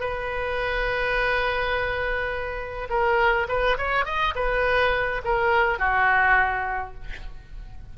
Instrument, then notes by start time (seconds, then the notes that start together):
oboe
0.00 B4
2.89 A#4
3.48 B4
3.77 C#5
4.05 D#5
4.35 B4
5.24 A#4
5.79 F#4